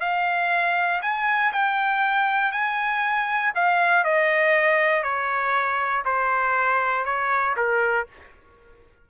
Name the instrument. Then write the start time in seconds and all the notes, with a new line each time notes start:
trumpet
0.00 F5
1.02 G#5
1.52 G5
2.52 G#5
3.55 F5
4.04 D#5
5.03 C#5
6.05 C5
7.05 C#5
7.57 A#4